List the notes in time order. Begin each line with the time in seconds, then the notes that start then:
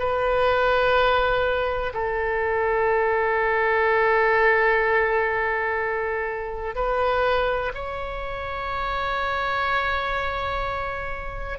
0.00 B4
1.94 A4
6.76 B4
7.75 C#5